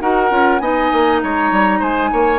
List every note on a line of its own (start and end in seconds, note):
0.00 0.30 D#4
0.00 0.30 F#4
0.00 0.61 A#4
0.00 0.59 F#5
0.30 0.60 C#4
0.30 0.60 F4
0.59 0.90 B3
0.59 2.39 D#4
0.59 1.22 D#5
0.59 1.19 G#5
0.92 1.22 A#3
1.23 1.51 G#3
1.23 1.79 C#5
1.23 1.83 A#5
1.51 1.81 G3
1.79 2.12 G#3
1.79 2.09 C5
1.79 2.39 G#5
2.12 2.39 A#3
2.12 2.39 C#5